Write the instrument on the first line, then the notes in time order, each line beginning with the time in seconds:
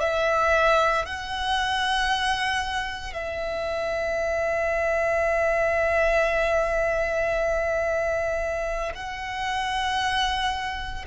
violin
0.00 E5
1.06 F#5
3.13 E5
8.95 F#5